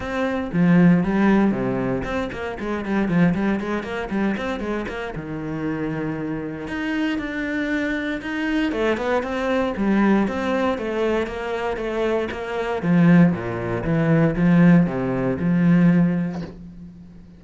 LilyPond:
\new Staff \with { instrumentName = "cello" } { \time 4/4 \tempo 4 = 117 c'4 f4 g4 c4 | c'8 ais8 gis8 g8 f8 g8 gis8 ais8 | g8 c'8 gis8 ais8 dis2~ | dis4 dis'4 d'2 |
dis'4 a8 b8 c'4 g4 | c'4 a4 ais4 a4 | ais4 f4 ais,4 e4 | f4 c4 f2 | }